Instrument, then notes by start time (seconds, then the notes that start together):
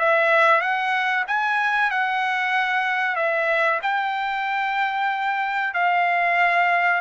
trumpet
0.00 E5
0.62 F#5
1.28 G#5
1.91 F#5
3.17 E5
3.83 G5
5.74 F5